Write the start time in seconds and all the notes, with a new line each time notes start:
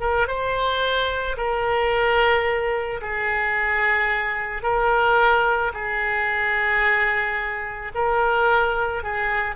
0.00 A#4
0.27 C5
1.37 A#4
3.01 G#4
4.62 A#4
5.73 G#4
7.94 A#4
9.02 G#4